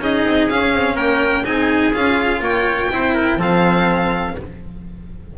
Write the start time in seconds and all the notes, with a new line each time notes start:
0.00 C#4 D#4 G#4 D#5
0.25 C4
0.50 C#4 F5
0.74 C4
0.95 A#3 A#4 G5
1.45 C4 D#4 G#4 G#5
1.93 C#4 F4 F5
2.40 A#3 C#5 G5
2.91 C4 E4 C5
3.14 A#4
3.37 F3 C4 A4 F5